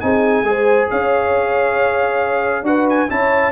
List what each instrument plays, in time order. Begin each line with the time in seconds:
0.00 tuba C4, trombone D#4, horn G#4, trumpet G#5
0.43 tuba G#3, trombone G#4, horn C5
0.90 tuba C#4, horn C#5, trumpet F5
2.63 tuba D4, trombone F#4, horn B4, trumpet F#5
2.89 trumpet G#5
3.09 tuba C#4, trombone E4, horn C#5, trumpet A5